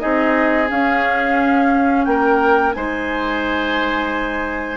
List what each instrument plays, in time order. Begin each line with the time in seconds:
0.00 bassoon C4, clarinet D#4, oboe G#4, flute D#5
0.69 clarinet C#4, bassoon C#4, flute F5
2.05 bassoon A#3, oboe A#4, flute G5
2.74 bassoon G#3, clarinet D#4, oboe C5, flute G#5